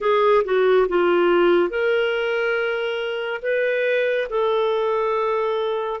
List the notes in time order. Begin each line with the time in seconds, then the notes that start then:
0.00 G#4
0.44 F#4
0.88 F4
1.69 A#4
3.42 B4
4.29 A4